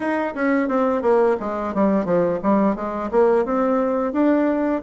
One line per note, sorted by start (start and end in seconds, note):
0.00 0.34 D#4
0.34 0.68 C#4
0.68 1.02 C4
1.02 1.36 A#3
1.40 1.74 G#3
1.74 2.05 G3
2.05 2.39 F3
2.42 2.75 G3
2.75 3.10 G#3
3.11 3.45 A#3
3.45 4.13 C4
4.13 4.82 D4